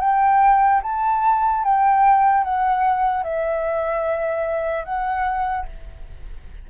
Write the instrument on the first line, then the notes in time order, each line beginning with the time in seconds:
flute
0.00 G5
0.82 A5
1.63 G5
2.43 F#5
3.23 E5
4.84 F#5